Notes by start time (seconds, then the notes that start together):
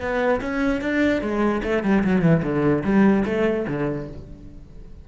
0.00 B3
0.41 C#4
0.81 D4
1.21 G#3
1.63 A3
1.83 G3
2.04 F#3
2.22 E3
2.43 D3
2.84 G3
3.25 A3
3.68 D3